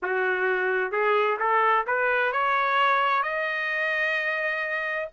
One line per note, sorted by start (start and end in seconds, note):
0.02 0.91 F#4
0.91 1.38 G#4
1.39 1.85 A4
1.86 2.32 B4
2.32 3.22 C#5
3.22 5.08 D#5